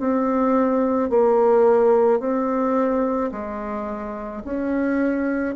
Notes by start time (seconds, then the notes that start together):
0.00 C4
1.10 A#3
2.20 C4
3.32 G#3
4.44 C#4